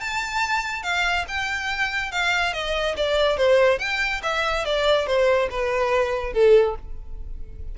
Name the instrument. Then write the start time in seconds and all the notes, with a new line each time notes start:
violin
0.00 A5
0.83 F5
1.28 G5
2.12 F5
2.53 D#5
2.97 D5
3.37 C5
3.79 G5
4.23 E5
4.65 D5
5.07 C5
5.50 B4
6.33 A4